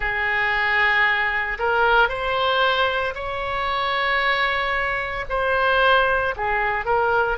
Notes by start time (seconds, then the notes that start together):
0.00 G#4
1.58 A#4
2.08 C5
3.14 C#5
5.29 C5
6.36 G#4
6.85 A#4